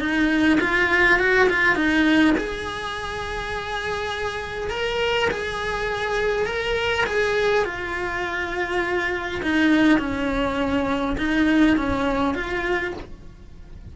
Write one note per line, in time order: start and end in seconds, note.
0.00 0.59 D#4
0.61 1.19 F4
1.19 1.49 F#4
1.49 1.76 F4
1.76 2.34 D#4
2.38 4.70 G#4
4.70 5.29 A#4
5.31 6.46 G#4
6.46 7.05 A#4
7.06 7.65 G#4
7.65 9.42 F4
9.43 9.99 D#4
9.99 11.17 C#4
11.18 11.77 D#4
11.77 12.35 C#4
12.35 12.94 F4